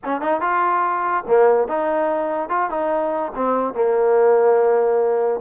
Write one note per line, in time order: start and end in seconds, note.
0.04 0.21 C#4
0.21 0.41 D#4
0.41 1.24 F4
1.27 1.67 A#3
1.67 2.49 D#4
2.49 2.70 F4
2.70 3.32 D#4
3.35 3.74 C4
3.74 5.40 A#3